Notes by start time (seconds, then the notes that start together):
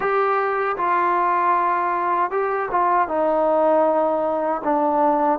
0.00 G4
0.77 F4
2.30 G4
2.71 F4
3.08 D#4
4.64 D4